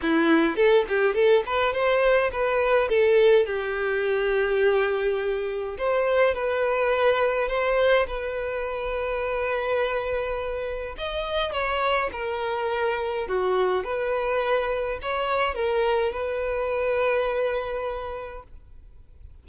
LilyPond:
\new Staff \with { instrumentName = "violin" } { \time 4/4 \tempo 4 = 104 e'4 a'8 g'8 a'8 b'8 c''4 | b'4 a'4 g'2~ | g'2 c''4 b'4~ | b'4 c''4 b'2~ |
b'2. dis''4 | cis''4 ais'2 fis'4 | b'2 cis''4 ais'4 | b'1 | }